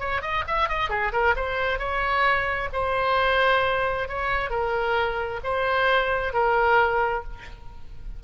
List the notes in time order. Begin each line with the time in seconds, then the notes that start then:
0.00 C#5
0.22 D#5
0.47 E5
0.69 D#5
0.90 G#4
1.13 A#4
1.37 C5
1.79 C#5
2.73 C5
4.09 C#5
4.50 A#4
5.44 C5
6.34 A#4